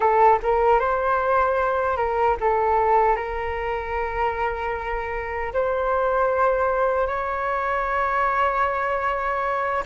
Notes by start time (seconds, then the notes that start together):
0.00 A4
0.43 A#4
0.79 C5
1.97 A#4
2.40 A4
3.15 A#4
5.53 C5
7.07 C#5